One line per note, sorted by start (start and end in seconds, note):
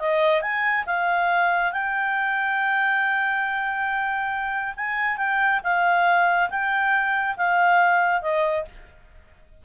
0.00 0.42 D#5
0.42 0.85 G#5
0.87 1.73 F5
1.73 4.75 G5
4.77 5.18 G#5
5.18 5.61 G5
5.64 6.50 F5
6.50 7.37 G5
7.37 8.22 F5
8.22 8.65 D#5